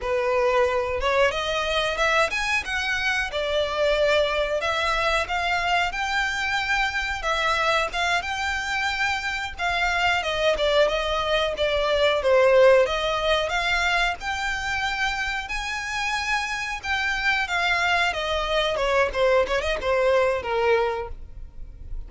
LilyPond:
\new Staff \with { instrumentName = "violin" } { \time 4/4 \tempo 4 = 91 b'4. cis''8 dis''4 e''8 gis''8 | fis''4 d''2 e''4 | f''4 g''2 e''4 | f''8 g''2 f''4 dis''8 |
d''8 dis''4 d''4 c''4 dis''8~ | dis''8 f''4 g''2 gis''8~ | gis''4. g''4 f''4 dis''8~ | dis''8 cis''8 c''8 cis''16 dis''16 c''4 ais'4 | }